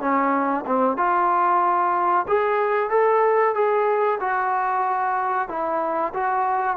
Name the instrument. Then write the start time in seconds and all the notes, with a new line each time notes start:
trombone
0.00 C#4
0.66 C4
0.97 F4
2.28 G#4
2.90 A4
3.54 G#4
4.20 F#4
5.48 E4
6.13 F#4